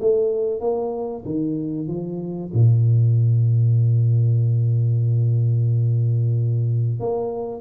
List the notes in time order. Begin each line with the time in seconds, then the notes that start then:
0.00 A3
0.60 A#3
1.25 D#3
1.87 F3
2.53 A#2
7.00 A#3